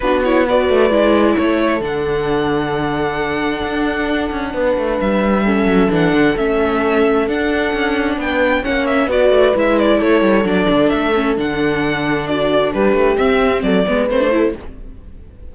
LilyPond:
<<
  \new Staff \with { instrumentName = "violin" } { \time 4/4 \tempo 4 = 132 b'8 cis''8 d''2 cis''4 | fis''1~ | fis''2. e''4~ | e''4 fis''4 e''2 |
fis''2 g''4 fis''8 e''8 | d''4 e''8 d''8 cis''4 d''4 | e''4 fis''2 d''4 | b'4 e''4 d''4 c''4 | }
  \new Staff \with { instrumentName = "horn" } { \time 4/4 fis'4 b'2 a'4~ | a'1~ | a'2 b'2 | a'1~ |
a'2 b'4 cis''4 | b'2 a'2~ | a'2. fis'4 | g'2 a'8 b'4 a'8 | }
  \new Staff \with { instrumentName = "viola" } { \time 4/4 d'8 e'8 fis'4 e'2 | d'1~ | d'1 | cis'4 d'4 cis'2 |
d'2. cis'4 | fis'4 e'2 d'4~ | d'8 cis'8 d'2.~ | d'4 c'4. b8 c'16 d'16 e'8 | }
  \new Staff \with { instrumentName = "cello" } { \time 4/4 b4. a8 gis4 a4 | d1 | d'4. cis'8 b8 a8 g4~ | g8 fis8 e8 d8 a2 |
d'4 cis'4 b4 ais4 | b8 a8 gis4 a8 g8 fis8 d8 | a4 d2. | g8 a8 c'4 fis8 gis8 a4 | }
>>